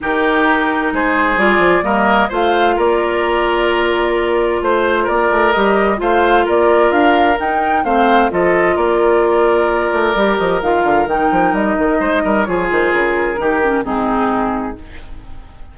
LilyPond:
<<
  \new Staff \with { instrumentName = "flute" } { \time 4/4 \tempo 4 = 130 ais'2 c''4 d''4 | dis''4 f''4 d''2~ | d''2 c''4 d''4 | dis''4 f''4 d''4 f''4 |
g''4 f''4 dis''4 d''4~ | d''2~ d''8 dis''8 f''4 | g''4 dis''2 cis''8 c''8 | ais'2 gis'2 | }
  \new Staff \with { instrumentName = "oboe" } { \time 4/4 g'2 gis'2 | ais'4 c''4 ais'2~ | ais'2 c''4 ais'4~ | ais'4 c''4 ais'2~ |
ais'4 c''4 a'4 ais'4~ | ais'1~ | ais'2 c''8 ais'8 gis'4~ | gis'4 g'4 dis'2 | }
  \new Staff \with { instrumentName = "clarinet" } { \time 4/4 dis'2. f'4 | ais4 f'2.~ | f'1 | g'4 f'2. |
dis'4 c'4 f'2~ | f'2 g'4 f'4 | dis'2. f'4~ | f'4 dis'8 cis'8 c'2 | }
  \new Staff \with { instrumentName = "bassoon" } { \time 4/4 dis2 gis4 g8 f8 | g4 a4 ais2~ | ais2 a4 ais8 a8 | g4 a4 ais4 d'4 |
dis'4 a4 f4 ais4~ | ais4. a8 g8 f8 dis8 d8 | dis8 f8 g8 dis8 gis8 g8 f8 dis8 | cis4 dis4 gis,2 | }
>>